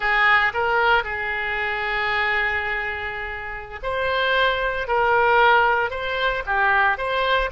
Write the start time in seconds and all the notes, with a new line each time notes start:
0.00 G#4
0.53 A#4
1.03 G#4
3.83 C5
4.87 A#4
5.90 C5
6.45 G4
6.97 C5